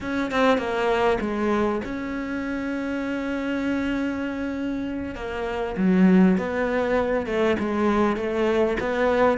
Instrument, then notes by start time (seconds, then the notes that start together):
cello
0.00 C#4
0.31 C4
0.58 A#3
1.20 G#3
1.84 C#4
5.15 A#3
5.77 F#3
6.37 B3
7.26 A3
7.59 G#3
8.16 A3
8.79 B3